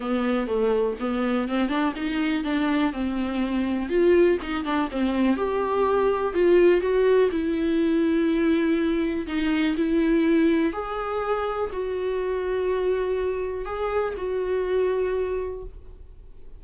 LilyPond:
\new Staff \with { instrumentName = "viola" } { \time 4/4 \tempo 4 = 123 b4 a4 b4 c'8 d'8 | dis'4 d'4 c'2 | f'4 dis'8 d'8 c'4 g'4~ | g'4 f'4 fis'4 e'4~ |
e'2. dis'4 | e'2 gis'2 | fis'1 | gis'4 fis'2. | }